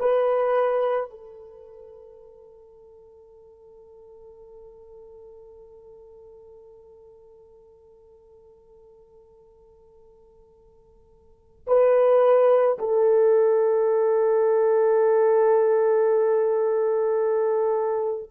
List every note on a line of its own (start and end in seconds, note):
0.00 1.10 B4
1.10 11.66 A4
11.67 12.78 B4
12.79 18.31 A4